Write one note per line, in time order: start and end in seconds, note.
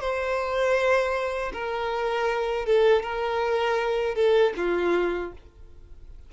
0.00 1.52 C5
1.53 2.65 A#4
2.65 3.02 A4
3.02 4.15 A#4
4.15 4.53 A4
4.56 5.32 F4